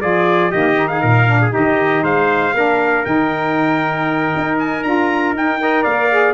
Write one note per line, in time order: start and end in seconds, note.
0.00 0.53 F3
0.00 0.51 F4
0.00 0.51 G#4
0.00 0.51 D5
0.51 1.03 D#3
0.51 0.76 A#3
0.51 0.89 G4
0.51 0.88 D#5
0.76 1.27 D#4
0.88 1.01 G#4
0.88 1.52 F5
1.01 1.54 A#2
1.01 1.39 A#4
1.27 1.50 D4
1.41 1.53 G#4
1.50 2.51 D#4
1.50 2.03 G4
1.50 2.04 D#5
1.56 2.03 D#3
2.03 2.53 G#3
2.03 2.54 C5
2.03 3.05 F5
2.54 3.05 A#3
2.54 3.05 D4
2.54 5.61 A#4
3.05 4.33 D#3
3.05 4.83 D#4
3.05 4.58 G5
4.36 4.84 D#4
4.59 4.83 G#5
4.83 5.33 D4
4.83 5.35 F4
4.83 5.34 A#5
5.33 5.83 D#4
5.33 5.59 D#4
5.33 5.84 G5
5.59 6.10 A#4
5.59 5.82 D#5
5.82 6.34 A#3
5.82 6.33 D5
5.82 6.34 F5
6.11 6.34 G#4